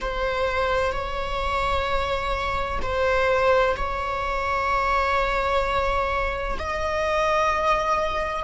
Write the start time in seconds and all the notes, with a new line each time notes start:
0.00 C5
0.92 C#5
2.81 C5
3.76 C#5
6.58 D#5